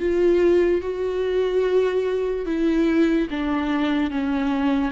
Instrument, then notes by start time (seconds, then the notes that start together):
viola
0.00 F4
0.82 F#4
2.46 E4
3.30 D4
4.11 C#4